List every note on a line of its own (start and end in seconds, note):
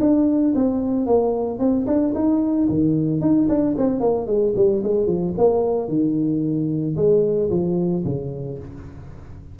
0.00 0.54 D4
0.55 1.06 C4
1.06 1.59 A#3
1.59 1.86 C4
1.87 2.13 D4
2.14 2.68 D#4
2.69 3.20 D#3
3.20 3.47 D#4
3.48 3.75 D4
3.77 4.00 C4
4.00 4.26 A#3
4.26 4.53 G#3
4.56 4.82 G3
4.83 5.06 G#3
5.06 5.33 F3
5.37 5.88 A#3
5.88 6.95 D#3
6.96 7.50 G#3
7.50 8.03 F3
8.04 8.58 C#3